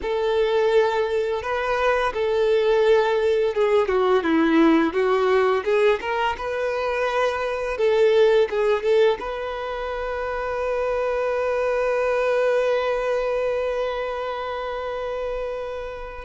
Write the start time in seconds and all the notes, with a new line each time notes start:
0.02 A4
1.42 B4
2.13 A4
3.54 G#4
3.88 F#4
4.23 E4
4.93 F#4
5.64 G#4
6.00 A#4
6.37 B4
7.77 A4
8.49 G#4
8.82 A4
9.19 B4